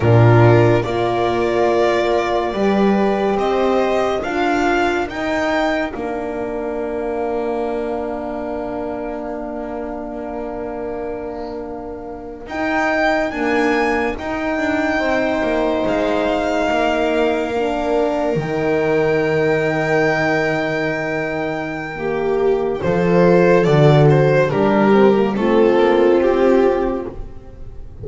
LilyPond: <<
  \new Staff \with { instrumentName = "violin" } { \time 4/4 \tempo 4 = 71 ais'4 d''2. | dis''4 f''4 g''4 f''4~ | f''1~ | f''2~ f''8. g''4 gis''16~ |
gis''8. g''2 f''4~ f''16~ | f''4.~ f''16 g''2~ g''16~ | g''2. c''4 | d''8 c''8 ais'4 a'4 g'4 | }
  \new Staff \with { instrumentName = "viola" } { \time 4/4 f'4 ais'2 b'4 | c''4 ais'2.~ | ais'1~ | ais'1~ |
ais'4.~ ais'16 c''2 ais'16~ | ais'1~ | ais'2 g'4 a'4~ | a'4 g'4 f'2 | }
  \new Staff \with { instrumentName = "horn" } { \time 4/4 d'4 f'2 g'4~ | g'4 f'4 dis'4 d'4~ | d'1~ | d'2~ d'8. dis'4 ais16~ |
ais8. dis'2.~ dis'16~ | dis'8. d'4 dis'2~ dis'16~ | dis'2 ais4 f'4 | fis'4 d'8 c'16 ais16 c'2 | }
  \new Staff \with { instrumentName = "double bass" } { \time 4/4 ais,4 ais2 g4 | c'4 d'4 dis'4 ais4~ | ais1~ | ais2~ ais8. dis'4 d'16~ |
d'8. dis'8 d'8 c'8 ais8 gis4 ais16~ | ais4.~ ais16 dis2~ dis16~ | dis2. f4 | d4 g4 a8 ais8 c'4 | }
>>